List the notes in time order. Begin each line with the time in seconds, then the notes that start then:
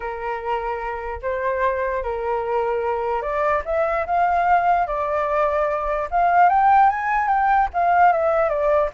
0.00 A#4
1.22 C5
2.03 A#4
3.22 D5
3.65 E5
4.06 F5
4.86 D5
6.11 F5
6.49 G5
6.89 G#5
7.28 G5
7.73 F5
8.12 E5
8.49 D5